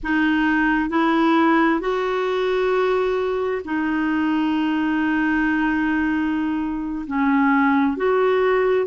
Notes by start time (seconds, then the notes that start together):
0.02 D#4
0.89 E4
1.80 F#4
3.64 D#4
7.07 C#4
7.96 F#4